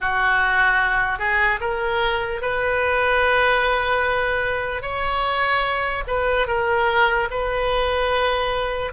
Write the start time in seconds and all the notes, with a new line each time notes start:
0.00 F#4
1.19 G#4
1.60 A#4
2.41 B4
4.82 C#5
6.07 B4
6.47 A#4
7.30 B4